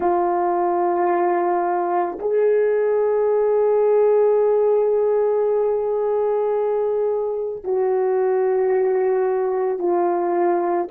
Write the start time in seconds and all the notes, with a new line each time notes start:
0.00 F4
2.19 G#4
7.64 F#4
9.78 F4